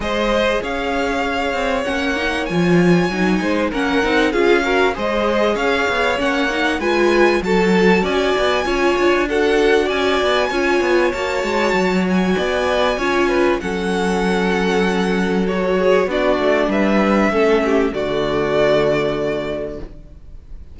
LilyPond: <<
  \new Staff \with { instrumentName = "violin" } { \time 4/4 \tempo 4 = 97 dis''4 f''2 fis''4 | gis''2 fis''4 f''4 | dis''4 f''4 fis''4 gis''4 | a''4 gis''2 fis''4 |
gis''2 a''4. gis''8~ | gis''2 fis''2~ | fis''4 cis''4 d''4 e''4~ | e''4 d''2. | }
  \new Staff \with { instrumentName = "violin" } { \time 4/4 c''4 cis''2.~ | cis''4. c''8 ais'4 gis'8 ais'8 | c''4 cis''2 b'4 | a'4 d''4 cis''4 a'4 |
d''4 cis''2. | d''4 cis''8 b'8 a'2~ | a'4. gis'8 fis'4 b'4 | a'8 g'8 fis'2. | }
  \new Staff \with { instrumentName = "viola" } { \time 4/4 gis'2. cis'8 dis'8 | f'4 dis'4 cis'8 dis'8 f'8 fis'8 | gis'2 cis'8 dis'8 f'4 | fis'2 f'4 fis'4~ |
fis'4 f'4 fis'2~ | fis'4 f'4 cis'2~ | cis'4 fis'4 d'2 | cis'4 a2. | }
  \new Staff \with { instrumentName = "cello" } { \time 4/4 gis4 cis'4. c'8 ais4 | f4 fis8 gis8 ais8 c'8 cis'4 | gis4 cis'8 b8 ais4 gis4 | fis4 cis'8 b8 cis'8 d'4. |
cis'8 b8 cis'8 b8 ais8 gis8 fis4 | b4 cis'4 fis2~ | fis2 b8 a8 g4 | a4 d2. | }
>>